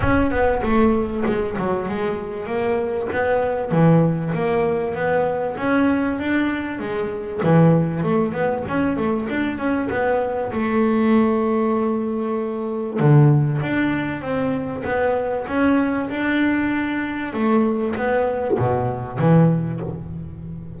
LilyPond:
\new Staff \with { instrumentName = "double bass" } { \time 4/4 \tempo 4 = 97 cis'8 b8 a4 gis8 fis8 gis4 | ais4 b4 e4 ais4 | b4 cis'4 d'4 gis4 | e4 a8 b8 cis'8 a8 d'8 cis'8 |
b4 a2.~ | a4 d4 d'4 c'4 | b4 cis'4 d'2 | a4 b4 b,4 e4 | }